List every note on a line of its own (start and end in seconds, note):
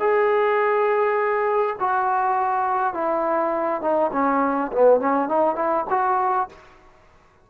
0.00 1.76 G#4
1.80 2.94 F#4
2.94 3.82 E4
3.82 4.11 D#4
4.13 4.72 C#4
4.73 5.01 B3
5.01 5.29 C#4
5.29 5.56 D#4
5.56 5.85 E4
5.90 6.49 F#4